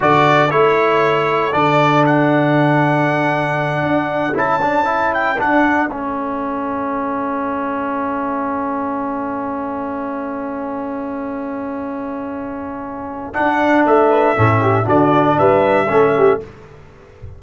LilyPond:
<<
  \new Staff \with { instrumentName = "trumpet" } { \time 4/4 \tempo 4 = 117 d''4 cis''2 d''4 | fis''1~ | fis''8 a''4. g''8 fis''4 e''8~ | e''1~ |
e''1~ | e''1~ | e''2 fis''4 e''4~ | e''4 d''4 e''2 | }
  \new Staff \with { instrumentName = "horn" } { \time 4/4 a'1~ | a'1~ | a'1~ | a'1~ |
a'1~ | a'1~ | a'2.~ a'8 b'8 | a'8 g'8 fis'4 b'4 a'8 g'8 | }
  \new Staff \with { instrumentName = "trombone" } { \time 4/4 fis'4 e'2 d'4~ | d'1~ | d'8 e'8 d'8 e'4 d'4 cis'8~ | cis'1~ |
cis'1~ | cis'1~ | cis'2 d'2 | cis'4 d'2 cis'4 | }
  \new Staff \with { instrumentName = "tuba" } { \time 4/4 d4 a2 d4~ | d2.~ d8 d'8~ | d'8 cis'2 d'4 a8~ | a1~ |
a1~ | a1~ | a2 d'4 a4 | a,4 d4 g4 a4 | }
>>